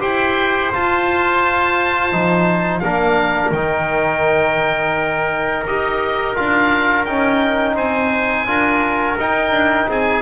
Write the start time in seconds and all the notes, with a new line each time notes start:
0.00 E4 G4 C5 G5
0.72 F4 A5
2.12 F3 D#4
2.80 A#3 D4 A#4 F5
3.52 D#3 D#4 G5
5.67 D#4 G4 D#5
6.36 D4 F4 F5
7.06 C#4 D#4 G5
7.76 C4 C5 G#5
8.47 D4 F4 A#4
9.19 D#4 G5
9.51 D4
9.89 C4 G#4 G#5